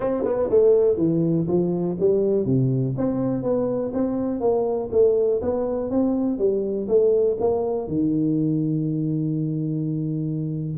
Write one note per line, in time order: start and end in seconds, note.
0.00 0.23 C4
0.24 0.49 B3
0.49 0.97 A3
0.97 1.46 E3
1.47 1.96 F3
1.99 2.45 G3
2.45 2.94 C3
2.97 3.42 C4
3.42 3.92 B3
3.93 4.40 C4
4.40 4.89 A#3
4.91 5.40 A3
5.41 5.90 B3
5.90 6.38 C4
6.38 6.87 G3
6.88 7.37 A3
7.40 7.87 A#3
7.87 10.77 D#3